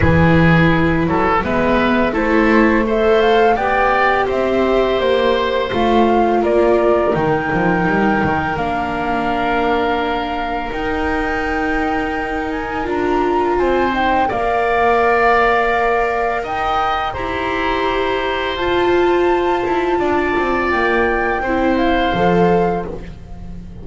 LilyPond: <<
  \new Staff \with { instrumentName = "flute" } { \time 4/4 \tempo 4 = 84 b'2 e''4 c''4 | e''8 f''8 g''4 e''4 c''4 | f''4 d''4 g''2 | f''2. g''4~ |
g''4. gis''8 ais''4 gis''8 g''8 | f''2. g''4 | ais''2 a''2~ | a''4 g''4. f''4. | }
  \new Staff \with { instrumentName = "oboe" } { \time 4/4 gis'4. a'8 b'4 a'4 | c''4 d''4 c''2~ | c''4 ais'2.~ | ais'1~ |
ais'2. c''4 | d''2. dis''4 | c''1 | d''2 c''2 | }
  \new Staff \with { instrumentName = "viola" } { \time 4/4 e'2 b4 e'4 | a'4 g'2. | f'2 dis'2 | d'2. dis'4~ |
dis'2 f'4. dis'8 | ais'1 | g'2 f'2~ | f'2 e'4 a'4 | }
  \new Staff \with { instrumentName = "double bass" } { \time 4/4 e4. fis8 gis4 a4~ | a4 b4 c'4 ais4 | a4 ais4 dis8 f8 g8 dis8 | ais2. dis'4~ |
dis'2 d'4 c'4 | ais2. dis'4 | e'2 f'4. e'8 | d'8 c'8 ais4 c'4 f4 | }
>>